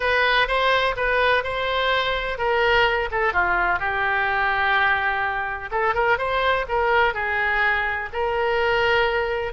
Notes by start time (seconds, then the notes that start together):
0.00 B4
0.47 C5
0.96 B4
1.43 C5
2.37 A#4
3.11 A4
3.33 F4
3.79 G4
5.71 A4
5.94 A#4
6.18 C5
6.68 A#4
7.13 G#4
8.13 A#4